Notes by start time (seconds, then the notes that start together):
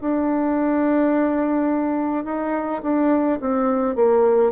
0.00 D4
2.24 D#4
2.83 D4
3.41 C4
3.95 A#3